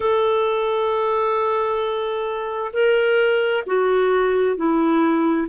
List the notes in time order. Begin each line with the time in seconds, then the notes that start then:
0.00 A4
2.73 A#4
3.66 F#4
4.56 E4